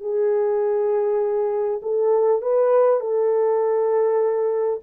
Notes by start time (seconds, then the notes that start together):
0.00 G#4
1.82 A4
2.42 B4
3.00 A4